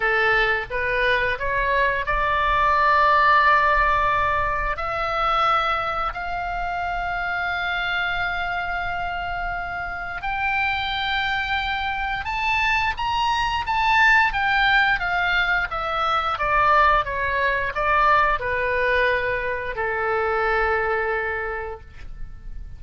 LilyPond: \new Staff \with { instrumentName = "oboe" } { \time 4/4 \tempo 4 = 88 a'4 b'4 cis''4 d''4~ | d''2. e''4~ | e''4 f''2.~ | f''2. g''4~ |
g''2 a''4 ais''4 | a''4 g''4 f''4 e''4 | d''4 cis''4 d''4 b'4~ | b'4 a'2. | }